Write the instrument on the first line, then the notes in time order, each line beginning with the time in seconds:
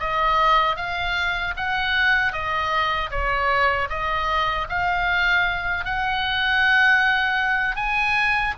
oboe
0.00 D#5
0.77 F5
1.57 F#5
2.33 D#5
3.11 C#5
3.90 D#5
4.69 F5
5.85 F#5
7.76 G#5